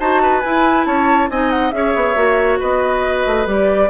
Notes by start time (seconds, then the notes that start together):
0.00 D#4 F#4 C5 A5
0.23 B4
0.41 E4 G#5
0.86 C#4 C#5 A5
1.30 C4 D#4 D#5 G#5
1.51 F#5
1.71 C#4 G#4 C#5 E5
1.96 B3
2.16 A#3 F#4
2.60 B3 B4 D#5
3.26 A3
3.46 G3 G4 D5